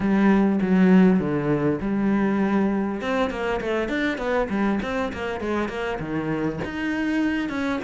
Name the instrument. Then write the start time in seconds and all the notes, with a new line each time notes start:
cello
0.00 G3
0.61 F#3
1.19 D3
1.81 G3
3.01 C4
3.30 A#3
3.60 A3
3.88 D4
4.18 B3
4.49 G3
4.82 C4
5.12 A#3
5.40 G#3
5.68 A#3
5.99 D#3
6.64 D#4
7.49 C#4